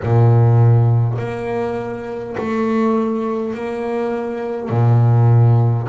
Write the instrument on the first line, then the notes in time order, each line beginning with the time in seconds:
double bass
0.03 A#2
1.18 A#3
2.37 A3
3.53 A#3
4.70 A#2